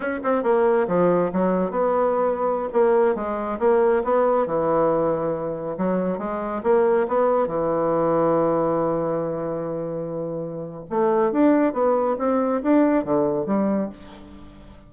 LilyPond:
\new Staff \with { instrumentName = "bassoon" } { \time 4/4 \tempo 4 = 138 cis'8 c'8 ais4 f4 fis4 | b2~ b16 ais4 gis8.~ | gis16 ais4 b4 e4.~ e16~ | e4~ e16 fis4 gis4 ais8.~ |
ais16 b4 e2~ e8.~ | e1~ | e4 a4 d'4 b4 | c'4 d'4 d4 g4 | }